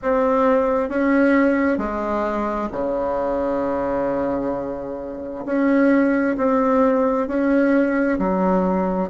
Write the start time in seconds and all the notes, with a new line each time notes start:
0.02 C4
0.88 C#4
1.77 G#3
2.71 C#3
5.45 C#4
6.37 C4
7.27 C#4
8.19 F#3